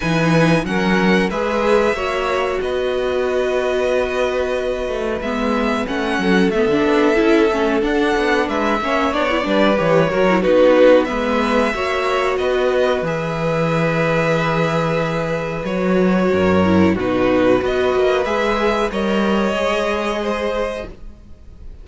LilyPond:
<<
  \new Staff \with { instrumentName = "violin" } { \time 4/4 \tempo 4 = 92 gis''4 fis''4 e''2 | dis''1 | e''4 fis''4 e''2 | fis''4 e''4 d''4 cis''4 |
b'4 e''2 dis''4 | e''1 | cis''2 b'4 dis''4 | e''4 dis''2. | }
  \new Staff \with { instrumentName = "violin" } { \time 4/4 b'4 ais'4 b'4 cis''4 | b'1~ | b'4. a'2~ a'8~ | a'4 b'8 cis''4 b'4 ais'8 |
fis'4 b'4 cis''4 b'4~ | b'1~ | b'4 ais'4 fis'4 b'4~ | b'4 cis''2 c''4 | }
  \new Staff \with { instrumentName = "viola" } { \time 4/4 dis'4 cis'4 gis'4 fis'4~ | fis'1 | b4 cis'4 b16 d'8. e'8 cis'8 | d'4. cis'8 d'16 e'16 d'8 g'8 fis'16 e'16 |
dis'4 b4 fis'2 | gis'1 | fis'4. e'8 dis'4 fis'4 | gis'4 ais'4 gis'2 | }
  \new Staff \with { instrumentName = "cello" } { \time 4/4 e4 fis4 gis4 ais4 | b2.~ b8 a8 | gis4 a8 fis8 a16 d16 b8 cis'8 a8 | d'8 b8 gis8 ais8 b8 g8 e8 fis8 |
b4 gis4 ais4 b4 | e1 | fis4 fis,4 b,4 b8 ais8 | gis4 g4 gis2 | }
>>